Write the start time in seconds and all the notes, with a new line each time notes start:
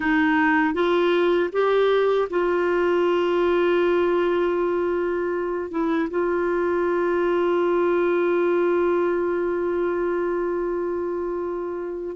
0.00 D#4
0.74 F4
1.52 G4
2.30 F4
5.70 E4
6.10 F4